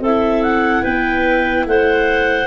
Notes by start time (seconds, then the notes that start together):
0.00 C4 E4 A4 E5
0.42 F#5
0.82 B3 B4 G5
1.66 A3 C5 F#5